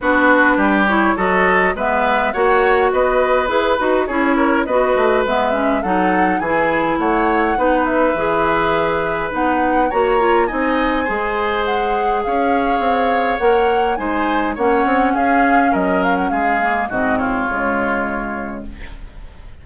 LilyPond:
<<
  \new Staff \with { instrumentName = "flute" } { \time 4/4 \tempo 4 = 103 b'4. cis''8 dis''4 e''4 | fis''4 dis''4 b'4 cis''4 | dis''4 e''4 fis''4 gis''4 | fis''4. e''2~ e''8 |
fis''4 ais''4 gis''2 | fis''4 f''2 fis''4 | gis''4 fis''4 f''4 dis''8 f''16 fis''16 | f''4 dis''8 cis''2~ cis''8 | }
  \new Staff \with { instrumentName = "oboe" } { \time 4/4 fis'4 g'4 a'4 b'4 | cis''4 b'2 gis'8 ais'8 | b'2 a'4 gis'4 | cis''4 b'2.~ |
b'4 cis''4 dis''4 c''4~ | c''4 cis''2. | c''4 cis''4 gis'4 ais'4 | gis'4 fis'8 f'2~ f'8 | }
  \new Staff \with { instrumentName = "clarinet" } { \time 4/4 d'4. e'8 fis'4 b4 | fis'2 gis'8 fis'8 e'4 | fis'4 b8 cis'8 dis'4 e'4~ | e'4 dis'4 gis'2 |
dis'4 fis'8 f'8 dis'4 gis'4~ | gis'2. ais'4 | dis'4 cis'2.~ | cis'8 ais8 c'4 gis2 | }
  \new Staff \with { instrumentName = "bassoon" } { \time 4/4 b4 g4 fis4 gis4 | ais4 b4 e'8 dis'8 cis'4 | b8 a8 gis4 fis4 e4 | a4 b4 e2 |
b4 ais4 c'4 gis4~ | gis4 cis'4 c'4 ais4 | gis4 ais8 c'8 cis'4 fis4 | gis4 gis,4 cis2 | }
>>